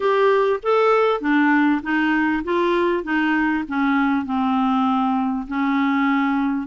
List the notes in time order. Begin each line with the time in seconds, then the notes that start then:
0.00 G4
0.62 A4
1.20 D4
1.82 D#4
2.44 F4
3.03 D#4
3.68 C#4
4.25 C4
5.47 C#4